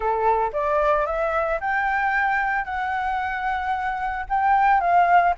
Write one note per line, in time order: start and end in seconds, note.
0.00 0.51 A4
0.52 1.06 D5
1.06 1.59 E5
1.60 2.64 G5
2.64 4.25 F#5
4.29 4.80 G5
4.80 5.34 F5